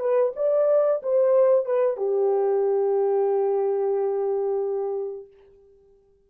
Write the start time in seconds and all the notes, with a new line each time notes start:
0.00 B4
0.36 D5
1.03 C5
1.66 B4
1.98 G4